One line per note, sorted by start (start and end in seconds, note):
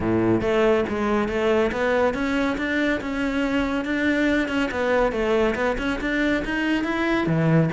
0.00 0.41 A2
0.41 0.84 A3
0.88 1.28 G#3
1.28 1.71 A3
1.71 2.14 B3
2.14 2.56 C#4
2.57 3.00 D4
3.00 3.84 C#4
3.84 4.48 D4
4.48 4.69 C#4
4.71 5.11 B3
5.11 5.54 A3
5.55 5.76 B3
5.78 5.99 C#4
6.00 6.43 D4
6.44 6.84 D#4
6.84 7.26 E4
7.26 7.69 E3